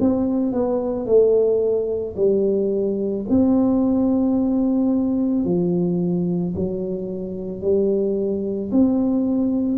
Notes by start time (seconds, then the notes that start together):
0.00 C4
0.53 B3
1.06 A3
2.16 G3
3.29 C4
5.44 F3
6.56 F#3
7.62 G3
8.71 C4